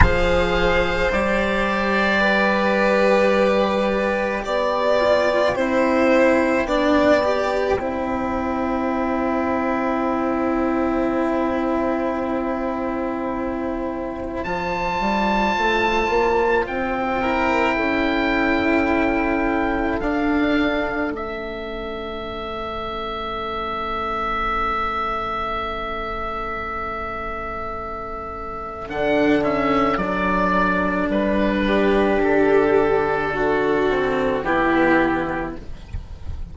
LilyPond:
<<
  \new Staff \with { instrumentName = "oboe" } { \time 4/4 \tempo 4 = 54 f''4 d''2. | g''1~ | g''1~ | g''4 a''2 g''4~ |
g''2 f''4 e''4~ | e''1~ | e''2 fis''8 e''8 d''4 | b'4 a'2 g'4 | }
  \new Staff \with { instrumentName = "violin" } { \time 4/4 c''2 b'2 | d''4 c''4 d''4 c''4~ | c''1~ | c''2.~ c''8 ais'8 |
a'1~ | a'1~ | a'1~ | a'8 g'4. fis'4 e'4 | }
  \new Staff \with { instrumentName = "cello" } { \time 4/4 gis'4 g'2.~ | g'8 f'8 e'4 d'8 g'8 e'4~ | e'1~ | e'4 f'2~ f'8 e'8~ |
e'2 d'4 cis'4~ | cis'1~ | cis'2 d'8 cis'8 d'4~ | d'2~ d'8 c'8 b4 | }
  \new Staff \with { instrumentName = "bassoon" } { \time 4/4 f4 g2. | b4 c'4 b4 c'4~ | c'1~ | c'4 f8 g8 a8 ais8 c'4 |
cis'2 d'4 a4~ | a1~ | a2 d4 fis4 | g4 d2 e4 | }
>>